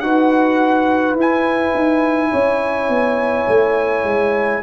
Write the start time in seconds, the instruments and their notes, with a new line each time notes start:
0.00 tuba D#4, trombone F#4, horn B4, trumpet F#5
1.15 tuba E4, trombone E4, trumpet G#5
1.75 tuba D#4
2.31 tuba C#4, horn C#5
2.89 tuba B3
3.48 tuba A3
4.04 tuba G#3